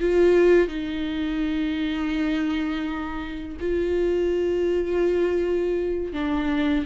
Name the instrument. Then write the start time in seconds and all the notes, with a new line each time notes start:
viola
0.00 F4
0.68 D#4
3.60 F4
6.12 D4